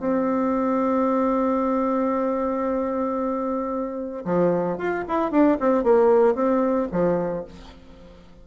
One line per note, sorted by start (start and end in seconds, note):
0.00 4.25 C4
4.25 4.78 F3
4.78 5.05 F4
5.09 5.31 E4
5.31 5.58 D4
5.60 5.84 C4
5.84 6.35 A#3
6.35 6.88 C4
6.92 7.45 F3